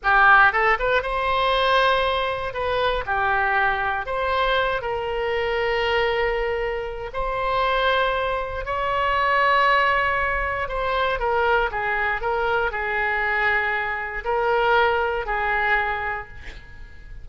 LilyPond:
\new Staff \with { instrumentName = "oboe" } { \time 4/4 \tempo 4 = 118 g'4 a'8 b'8 c''2~ | c''4 b'4 g'2 | c''4. ais'2~ ais'8~ | ais'2 c''2~ |
c''4 cis''2.~ | cis''4 c''4 ais'4 gis'4 | ais'4 gis'2. | ais'2 gis'2 | }